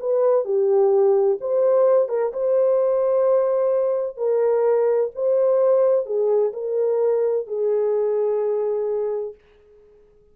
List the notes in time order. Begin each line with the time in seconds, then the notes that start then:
0.00 B4
0.45 G4
1.41 C5
2.09 A#4
2.33 C5
4.17 A#4
5.15 C5
6.06 G#4
6.53 A#4
7.47 G#4